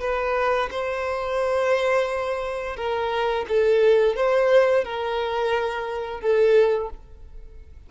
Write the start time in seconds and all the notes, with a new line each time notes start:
0.00 B4
0.71 C5
2.76 A#4
3.48 A4
4.16 C5
4.84 A#4
6.21 A4